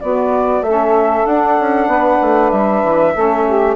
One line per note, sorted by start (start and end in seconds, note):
0.00 0.64 B3
0.00 0.61 B3
0.00 0.64 F#4
0.00 0.62 D5
0.61 1.23 A3
0.61 1.27 C#4
0.61 1.88 A4
0.61 1.25 E5
1.25 1.57 D4
1.25 3.14 D4
1.25 2.50 F#5
1.60 1.87 C#4
1.87 2.18 B3
1.87 3.13 B4
2.21 2.52 A3
2.50 2.83 G3
2.50 3.75 E5
2.83 3.15 E3
3.14 3.75 A3
3.14 3.75 C#4
3.14 3.45 A4
3.46 3.75 G4